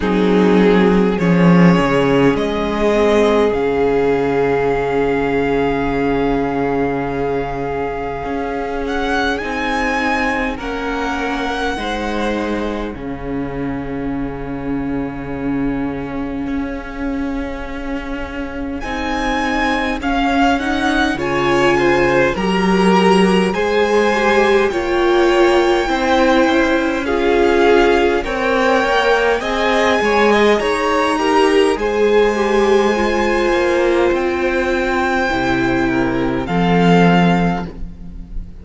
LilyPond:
<<
  \new Staff \with { instrumentName = "violin" } { \time 4/4 \tempo 4 = 51 gis'4 cis''4 dis''4 f''4~ | f''2.~ f''8 fis''8 | gis''4 fis''2 f''4~ | f''1 |
gis''4 f''8 fis''8 gis''4 ais''4 | gis''4 g''2 f''4 | g''4 gis''4 ais''4 gis''4~ | gis''4 g''2 f''4 | }
  \new Staff \with { instrumentName = "violin" } { \time 4/4 dis'4 gis'2.~ | gis'1~ | gis'4 ais'4 c''4 gis'4~ | gis'1~ |
gis'2 cis''8 c''8 ais'4 | c''4 cis''4 c''4 gis'4 | cis''4 dis''8 cis''16 dis''16 cis''8 ais'8 c''4~ | c''2~ c''8 ais'8 a'4 | }
  \new Staff \with { instrumentName = "viola" } { \time 4/4 c'4 cis'4. c'8 cis'4~ | cis'1 | dis'4 cis'4 dis'4 cis'4~ | cis'1 |
dis'4 cis'8 dis'8 f'4 g'4 | gis'8 g'8 f'4 e'4 f'4 | ais'4 gis'4. g'8 gis'8 g'8 | f'2 e'4 c'4 | }
  \new Staff \with { instrumentName = "cello" } { \time 4/4 fis4 f8 cis8 gis4 cis4~ | cis2. cis'4 | c'4 ais4 gis4 cis4~ | cis2 cis'2 |
c'4 cis'4 cis4 fis4 | gis4 ais4 c'8 cis'4. | c'8 ais8 c'8 gis8 dis'4 gis4~ | gis8 ais8 c'4 c4 f4 | }
>>